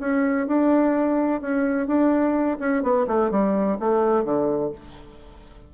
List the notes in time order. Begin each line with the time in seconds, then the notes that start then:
0.00 C#4
0.47 D4
1.41 C#4
1.87 D4
2.60 C#4
2.83 B3
3.07 A3
3.31 G3
3.80 A3
4.25 D3